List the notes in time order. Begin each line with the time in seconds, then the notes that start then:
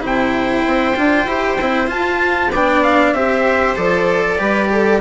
0.00 C3 E4 C5
0.06 G5
0.66 C4
0.96 D4 F4
1.26 E4 G4
1.61 C4 E4
1.87 F4 A5
2.52 B3 D4 D5 G5
2.84 F5
3.13 C4 G4 C5 E5
3.76 F3 A4 D5
4.38 G3 G4 B4
4.72 A4